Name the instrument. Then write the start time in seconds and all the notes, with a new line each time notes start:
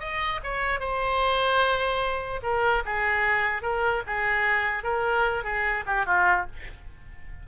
oboe
0.00 D#5
0.44 C#5
0.80 C5
2.43 A#4
2.85 G#4
3.62 A#4
4.07 G#4
4.83 A#4
5.44 G#4
5.86 G4
6.06 F4